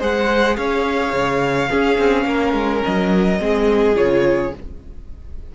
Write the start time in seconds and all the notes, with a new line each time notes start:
0.00 G#3 G#4 C5 F#5
0.56 C#4 C#5 F5
1.13 C#3
1.69 C#4 G#4
1.98 C4
2.25 A#3 A#4
2.53 G#3
2.84 F#3 D#5
3.39 G#3 C4 G#4
3.96 C#3 F4 C#5